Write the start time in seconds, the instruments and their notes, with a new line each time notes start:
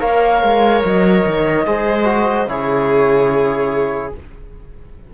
0.00 cello A#3, trombone A#4, viola C#5, flute F5
0.43 cello G#3
0.85 cello F#3, flute D#5
1.26 cello D#3
1.66 cello G#3, trombone G#4, viola C5
2.05 trombone F#4
2.47 cello C#3, trombone E4, viola G#4, flute C#5